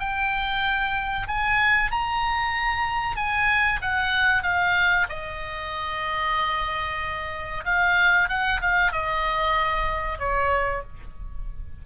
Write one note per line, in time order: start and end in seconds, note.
0.00 1.28 G5
1.28 1.91 G#5
1.91 3.17 A#5
3.17 3.81 G#5
3.82 4.43 F#5
4.43 5.07 F5
5.09 7.65 D#5
7.65 8.29 F5
8.29 8.61 F#5
8.62 8.92 F5
8.92 10.19 D#5
10.19 10.83 C#5